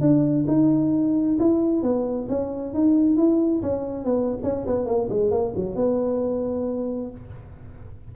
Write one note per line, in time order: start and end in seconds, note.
0.00 0.45 D4
0.47 1.37 D#4
1.38 1.82 E4
1.82 2.27 B3
2.29 2.74 C#4
2.74 3.16 D#4
3.16 3.61 E4
3.62 4.04 C#4
4.04 4.38 B3
4.43 4.65 C#4
4.66 4.85 B3
4.85 5.08 A#3
5.09 5.30 G#3
5.30 5.53 A#3
5.55 5.75 F#3
5.75 7.10 B3